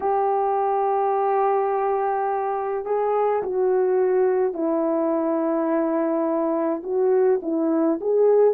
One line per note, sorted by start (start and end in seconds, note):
0.00 2.85 G4
2.85 3.42 G#4
3.43 4.53 F#4
4.53 6.82 E4
6.83 7.40 F#4
7.42 7.99 E4
8.00 8.54 G#4